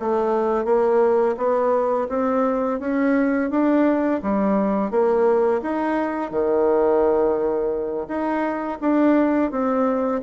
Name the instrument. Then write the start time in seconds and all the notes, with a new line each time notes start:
bassoon
0.00 A3
0.65 A#3
1.38 B3
2.10 C4
2.80 C#4
3.51 D4
4.23 G3
4.91 A#3
5.62 D#4
6.31 D#3
8.09 D#4
8.81 D4
9.52 C4